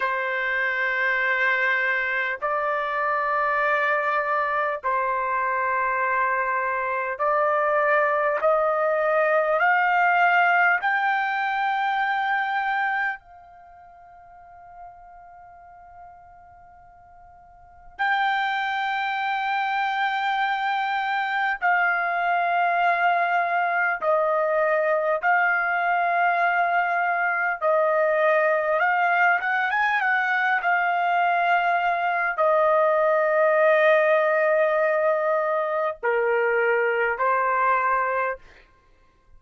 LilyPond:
\new Staff \with { instrumentName = "trumpet" } { \time 4/4 \tempo 4 = 50 c''2 d''2 | c''2 d''4 dis''4 | f''4 g''2 f''4~ | f''2. g''4~ |
g''2 f''2 | dis''4 f''2 dis''4 | f''8 fis''16 gis''16 fis''8 f''4. dis''4~ | dis''2 ais'4 c''4 | }